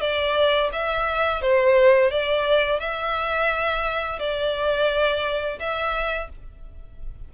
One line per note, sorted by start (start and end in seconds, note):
0.00 0.70 D5
0.72 1.41 E5
1.41 2.10 C5
2.10 2.79 D5
2.79 4.19 E5
4.19 5.58 D5
5.59 6.29 E5